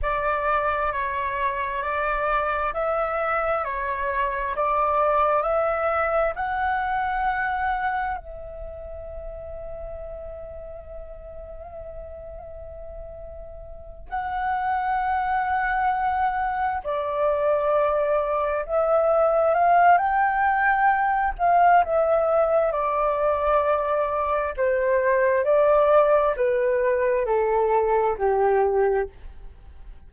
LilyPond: \new Staff \with { instrumentName = "flute" } { \time 4/4 \tempo 4 = 66 d''4 cis''4 d''4 e''4 | cis''4 d''4 e''4 fis''4~ | fis''4 e''2.~ | e''2.~ e''8 fis''8~ |
fis''2~ fis''8 d''4.~ | d''8 e''4 f''8 g''4. f''8 | e''4 d''2 c''4 | d''4 b'4 a'4 g'4 | }